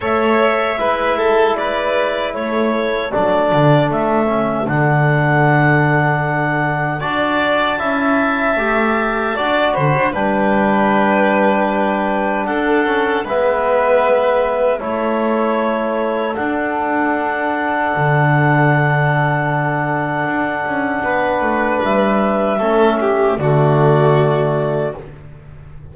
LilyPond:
<<
  \new Staff \with { instrumentName = "clarinet" } { \time 4/4 \tempo 4 = 77 e''2 d''4 cis''4 | d''4 e''4 fis''2~ | fis''4 a''2.~ | a''8 b''8 g''2. |
fis''4 e''2 cis''4~ | cis''4 fis''2.~ | fis''1 | e''2 d''2 | }
  \new Staff \with { instrumentName = "violin" } { \time 4/4 cis''4 b'8 a'8 b'4 a'4~ | a'1~ | a'4 d''4 e''2 | d''8 c''8 b'2. |
a'4 b'2 a'4~ | a'1~ | a'2. b'4~ | b'4 a'8 g'8 fis'2 | }
  \new Staff \with { instrumentName = "trombone" } { \time 4/4 a'4 e'2. | d'4. cis'8 d'2~ | d'4 fis'4 e'4 g'4 | fis'4 d'2.~ |
d'8 cis'8 b2 e'4~ | e'4 d'2.~ | d'1~ | d'4 cis'4 a2 | }
  \new Staff \with { instrumentName = "double bass" } { \time 4/4 a4 gis2 a4 | fis8 d8 a4 d2~ | d4 d'4 cis'4 a4 | d'8 d16 d'16 g2. |
d'4 gis2 a4~ | a4 d'2 d4~ | d2 d'8 cis'8 b8 a8 | g4 a4 d2 | }
>>